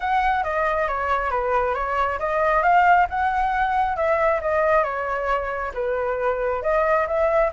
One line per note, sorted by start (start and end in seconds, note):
0.00 0.43 F#5
0.43 0.87 D#5
0.88 1.30 C#5
1.30 1.74 B4
1.74 2.18 C#5
2.19 2.62 D#5
2.62 3.06 F5
3.09 3.96 F#5
3.96 4.40 E5
4.41 4.83 D#5
4.83 5.72 C#5
5.74 6.62 B4
6.62 7.06 D#5
7.07 7.51 E5